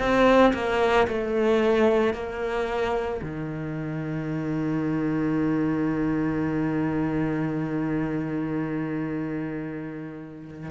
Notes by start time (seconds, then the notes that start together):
0.00 C4
0.54 A#3
1.08 A3
2.14 A#3
3.22 D#3